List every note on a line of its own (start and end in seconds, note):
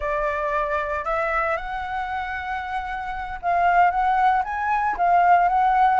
0.00 1.04 D5
1.04 1.57 E5
1.57 3.39 F#5
3.42 3.90 F5
3.90 4.42 F#5
4.44 4.96 G#5
4.97 5.48 F5
5.48 6.00 F#5